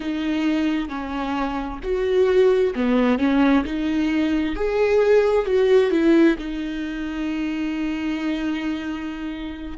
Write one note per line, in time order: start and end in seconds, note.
0.00 0.88 D#4
0.88 1.79 C#4
1.83 2.74 F#4
2.75 3.18 B3
3.18 3.64 C#4
3.64 4.55 D#4
4.55 5.45 G#4
5.45 5.90 F#4
5.90 6.36 E4
6.38 9.77 D#4